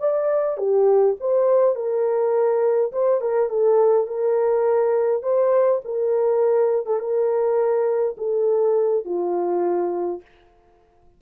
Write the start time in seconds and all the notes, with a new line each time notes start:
0.00 D5
0.58 G4
1.20 C5
1.76 A#4
2.93 C5
3.21 A#4
3.50 A4
4.07 A#4
5.23 C5
5.85 A#4
6.87 A4
7.00 A#4
8.18 A4
9.06 F4